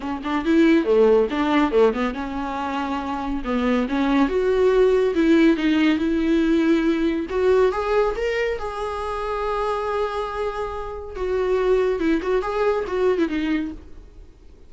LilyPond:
\new Staff \with { instrumentName = "viola" } { \time 4/4 \tempo 4 = 140 cis'8 d'8 e'4 a4 d'4 | a8 b8 cis'2. | b4 cis'4 fis'2 | e'4 dis'4 e'2~ |
e'4 fis'4 gis'4 ais'4 | gis'1~ | gis'2 fis'2 | e'8 fis'8 gis'4 fis'8. e'16 dis'4 | }